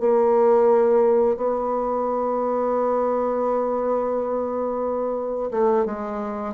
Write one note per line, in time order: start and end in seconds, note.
0.00 1.37 A#3
1.37 5.51 B3
5.51 5.86 A3
5.86 6.55 G#3